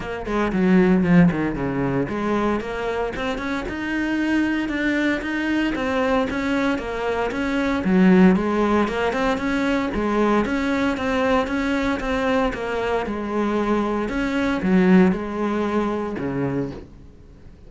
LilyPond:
\new Staff \with { instrumentName = "cello" } { \time 4/4 \tempo 4 = 115 ais8 gis8 fis4 f8 dis8 cis4 | gis4 ais4 c'8 cis'8 dis'4~ | dis'4 d'4 dis'4 c'4 | cis'4 ais4 cis'4 fis4 |
gis4 ais8 c'8 cis'4 gis4 | cis'4 c'4 cis'4 c'4 | ais4 gis2 cis'4 | fis4 gis2 cis4 | }